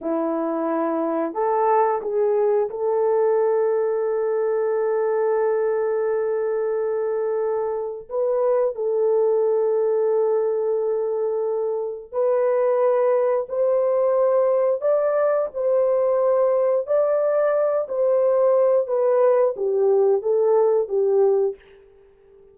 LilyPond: \new Staff \with { instrumentName = "horn" } { \time 4/4 \tempo 4 = 89 e'2 a'4 gis'4 | a'1~ | a'1 | b'4 a'2.~ |
a'2 b'2 | c''2 d''4 c''4~ | c''4 d''4. c''4. | b'4 g'4 a'4 g'4 | }